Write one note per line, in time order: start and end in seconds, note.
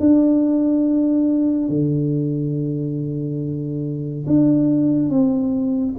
0.00 1.69 D4
1.69 4.26 D3
4.27 5.10 D4
5.10 5.95 C4